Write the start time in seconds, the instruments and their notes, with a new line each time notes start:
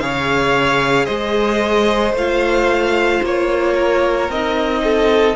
0.00 cello C#3, viola G#4, violin C#5 F5
1.06 cello G#3, violin C5 D#5
2.14 cello A3, viola F4, violin F5
3.23 cello A#3, violin C#5
3.75 violin A#4
4.29 cello C4, viola D#4, violin D#5
4.84 violin A4